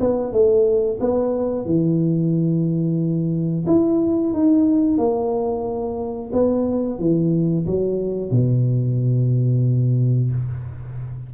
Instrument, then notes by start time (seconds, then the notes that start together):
tuba
0.00 B3
0.32 A3
1.00 B3
1.65 E3
3.66 E4
4.33 D#4
4.97 A#3
6.32 B3
6.99 E3
7.66 F#3
8.31 B2